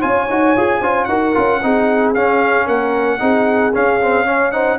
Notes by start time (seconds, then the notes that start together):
0.00 C#4 F4 C#5 G#5
0.29 D#4 F#4
0.56 F4 G#4
0.80 C#4 F4 C5
1.04 D#4 F#4 A#4 F#5
1.34 C#4 F4
1.62 C4 D#4 G#4
2.14 C#4 F5
2.66 A#3 A#4 F#5
3.19 C4 D#4 G#4
3.73 C#4 F5
4.00 C4
4.25 C#4 C#5
4.51 D#4 C5 F#5